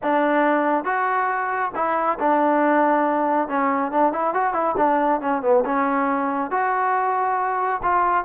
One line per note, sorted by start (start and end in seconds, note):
0.02 0.84 D4
0.84 1.71 F#4
1.75 2.18 E4
2.19 3.48 D4
3.48 3.91 C#4
3.91 4.13 D4
4.13 4.34 E4
4.34 4.53 F#4
4.53 4.75 E4
4.77 5.20 D4
5.21 5.42 C#4
5.42 5.63 B3
5.65 6.50 C#4
6.50 7.81 F#4
7.82 8.24 F4